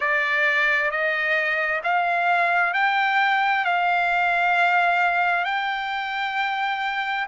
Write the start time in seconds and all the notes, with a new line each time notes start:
0.00 D5
0.90 D#5
1.83 F5
2.73 G5
3.64 F5
5.44 G5